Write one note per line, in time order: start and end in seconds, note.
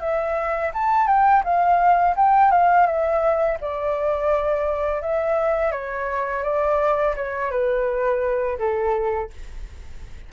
0.00 0.71 E5
0.74 1.07 A5
1.07 1.43 G5
1.44 2.16 F5
2.16 2.51 G5
2.51 2.86 F5
2.86 3.58 E5
3.61 5.02 D5
5.02 5.72 E5
5.72 6.43 C#5
6.44 7.15 D5
7.16 7.51 C#5
7.51 8.58 B4
8.58 9.30 A4